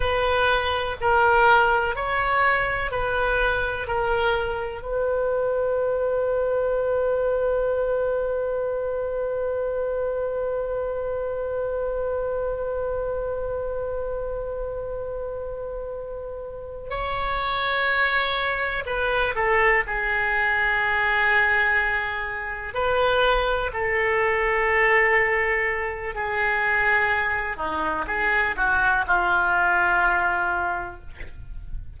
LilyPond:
\new Staff \with { instrumentName = "oboe" } { \time 4/4 \tempo 4 = 62 b'4 ais'4 cis''4 b'4 | ais'4 b'2.~ | b'1~ | b'1~ |
b'4. cis''2 b'8 | a'8 gis'2. b'8~ | b'8 a'2~ a'8 gis'4~ | gis'8 dis'8 gis'8 fis'8 f'2 | }